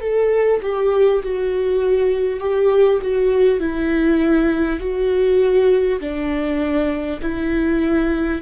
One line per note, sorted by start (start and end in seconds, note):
0.00 0.60 A4
0.62 1.22 G4
1.22 2.39 F#4
2.39 2.99 G4
3.02 3.59 F#4
3.59 4.79 E4
4.79 5.99 F#4
6.00 7.20 D4
7.22 8.42 E4